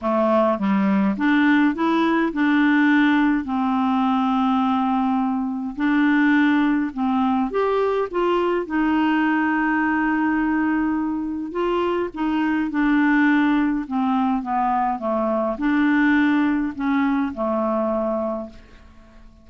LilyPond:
\new Staff \with { instrumentName = "clarinet" } { \time 4/4 \tempo 4 = 104 a4 g4 d'4 e'4 | d'2 c'2~ | c'2 d'2 | c'4 g'4 f'4 dis'4~ |
dis'1 | f'4 dis'4 d'2 | c'4 b4 a4 d'4~ | d'4 cis'4 a2 | }